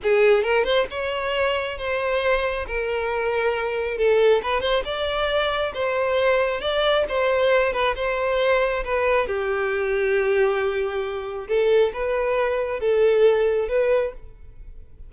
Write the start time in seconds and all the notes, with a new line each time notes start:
0.02 G#4
0.43 A#4
0.64 C5
0.90 C#5
1.77 C5
2.67 A#4
3.97 A4
4.43 B4
4.61 C5
4.84 D5
5.74 C5
6.60 D5
7.08 C5
7.72 B4
7.95 C5
8.84 B4
9.27 G4
11.48 A4
11.93 B4
12.80 A4
13.68 B4